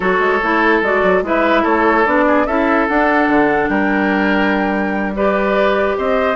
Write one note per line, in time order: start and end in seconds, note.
0.00 0.19 F#3
0.00 0.39 F#4
0.00 1.23 A4
0.00 0.82 C#5
0.19 0.40 G#3
0.43 0.82 A3
0.43 0.84 E4
0.82 1.02 G#3
0.82 1.23 F#4
0.82 1.24 D5
1.02 1.22 F#3
1.22 1.63 G#3
1.22 2.05 E4
1.22 1.63 B4
1.22 1.64 E5
1.63 2.06 A3
1.63 2.24 A4
1.63 2.05 C#5
2.05 2.46 B3
2.05 2.46 D4
2.05 2.46 D5
2.27 2.47 G#4
2.46 2.87 C#4
2.46 2.89 E4
2.46 3.70 A4
2.46 2.87 E5
2.88 5.15 D4
2.88 3.28 D4
2.88 3.68 F#5
3.28 3.68 D3
3.68 5.95 G3
3.68 5.14 A#4
3.68 5.12 G5
5.14 6.35 G4
5.14 5.97 B4
5.14 5.96 D5
5.97 6.35 C4
5.97 6.35 C5
5.97 6.35 D#5